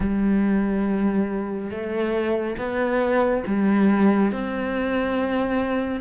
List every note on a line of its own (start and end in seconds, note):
0.00 1.70 G3
1.70 2.56 A3
2.57 3.43 B3
3.46 4.32 G3
4.32 6.00 C4